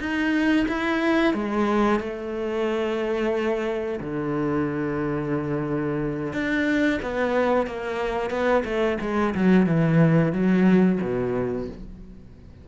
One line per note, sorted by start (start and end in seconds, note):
0.00 0.67 D#4
0.68 1.34 E4
1.34 2.00 G#3
2.00 4.00 A3
4.00 6.33 D3
6.33 7.00 D4
7.02 7.67 B3
7.67 8.30 A#3
8.30 8.64 B3
8.65 8.98 A3
9.01 9.35 G#3
9.35 9.67 F#3
9.67 10.33 E3
10.33 10.99 F#3
11.02 11.68 B2